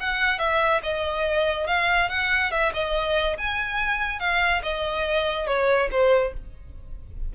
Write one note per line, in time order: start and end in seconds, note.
0.00 0.39 F#5
0.39 0.81 E5
0.83 1.67 D#5
1.67 2.09 F5
2.09 2.51 F#5
2.51 2.72 E5
2.73 3.37 D#5
3.38 4.19 G#5
4.19 4.62 F5
4.63 5.47 D#5
5.47 5.89 C#5
5.91 6.33 C5